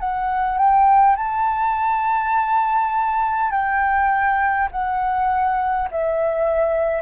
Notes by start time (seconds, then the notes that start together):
0.00 F#5
0.58 G5
1.17 A5
3.51 G5
4.72 F#5
5.91 E5